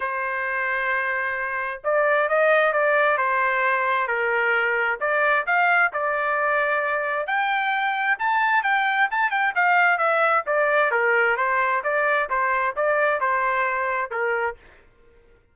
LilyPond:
\new Staff \with { instrumentName = "trumpet" } { \time 4/4 \tempo 4 = 132 c''1 | d''4 dis''4 d''4 c''4~ | c''4 ais'2 d''4 | f''4 d''2. |
g''2 a''4 g''4 | a''8 g''8 f''4 e''4 d''4 | ais'4 c''4 d''4 c''4 | d''4 c''2 ais'4 | }